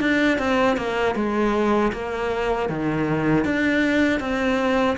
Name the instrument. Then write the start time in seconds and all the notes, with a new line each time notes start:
cello
0.00 D4
0.39 C4
0.77 A#3
1.15 G#3
1.93 A#3
2.70 D#3
3.45 D4
4.20 C4